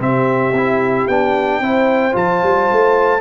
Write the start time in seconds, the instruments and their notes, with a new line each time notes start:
0.00 tuba C3, trombone C4, horn G4, trumpet E5
0.53 tuba C4, trombone E4
1.08 tuba B3, trombone D4, trumpet G5
1.60 tuba C4, trombone E4, horn C5
2.12 tuba F3, trombone F4, trumpet A5
2.43 tuba G3
2.72 tuba A3